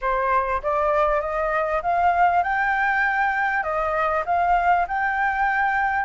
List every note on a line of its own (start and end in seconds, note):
0.01 0.61 C5
0.62 1.21 D5
1.21 1.81 D#5
1.82 2.43 F5
2.43 3.63 G5
3.63 4.23 D#5
4.25 4.86 F5
4.87 6.05 G5